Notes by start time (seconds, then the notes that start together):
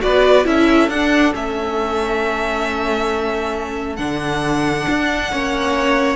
0.00 B3 F#4 B4 D5
0.44 C#4 E4 A4 E5
0.89 D4 F#5
1.33 A3 C#4 E5
3.96 D3 D4 F#5
4.89 D4
5.32 A#3 C#4 C#5